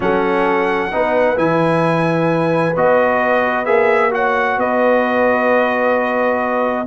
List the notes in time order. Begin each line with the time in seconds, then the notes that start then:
0.00 F#3 C#4 A4 F#5
0.92 B3 D#4 B4
1.35 E3 E4 G#5
2.76 B3 F#4 D#5
3.65 A#3 G#4 E5
4.11 F#4 C#5 F#5
4.57 B3 B4 D#5